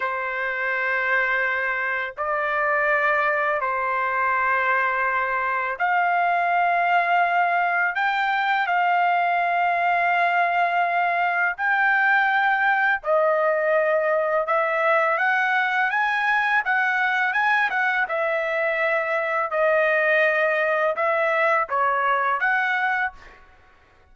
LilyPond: \new Staff \with { instrumentName = "trumpet" } { \time 4/4 \tempo 4 = 83 c''2. d''4~ | d''4 c''2. | f''2. g''4 | f''1 |
g''2 dis''2 | e''4 fis''4 gis''4 fis''4 | gis''8 fis''8 e''2 dis''4~ | dis''4 e''4 cis''4 fis''4 | }